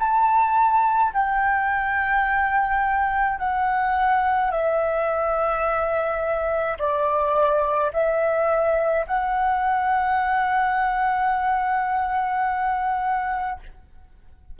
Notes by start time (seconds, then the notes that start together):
0.00 A5
1.14 G5
3.39 F#5
4.52 E5
6.79 D5
7.93 E5
9.07 F#5